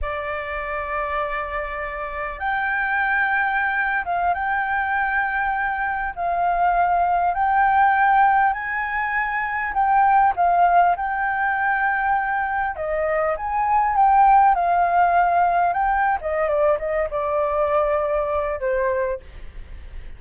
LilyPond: \new Staff \with { instrumentName = "flute" } { \time 4/4 \tempo 4 = 100 d''1 | g''2~ g''8. f''8 g''8.~ | g''2~ g''16 f''4.~ f''16~ | f''16 g''2 gis''4.~ gis''16~ |
gis''16 g''4 f''4 g''4.~ g''16~ | g''4~ g''16 dis''4 gis''4 g''8.~ | g''16 f''2 g''8. dis''8 d''8 | dis''8 d''2~ d''8 c''4 | }